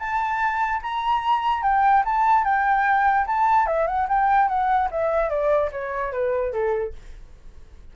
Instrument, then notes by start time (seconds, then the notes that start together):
flute
0.00 A5
0.83 A#5
1.63 G5
2.05 A5
2.45 G5
3.27 A5
3.67 E5
3.87 F#5
4.09 G5
4.49 F#5
4.92 E5
5.30 D5
5.72 C#5
6.13 B4
6.53 A4